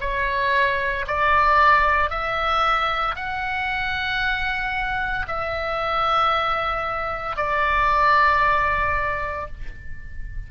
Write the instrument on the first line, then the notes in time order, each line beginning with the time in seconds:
oboe
0.00 C#5
1.07 D5
2.10 E5
3.15 F#5
5.27 E5
7.36 D5